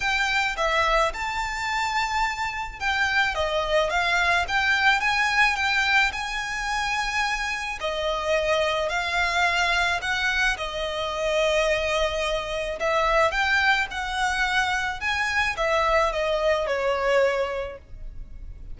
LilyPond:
\new Staff \with { instrumentName = "violin" } { \time 4/4 \tempo 4 = 108 g''4 e''4 a''2~ | a''4 g''4 dis''4 f''4 | g''4 gis''4 g''4 gis''4~ | gis''2 dis''2 |
f''2 fis''4 dis''4~ | dis''2. e''4 | g''4 fis''2 gis''4 | e''4 dis''4 cis''2 | }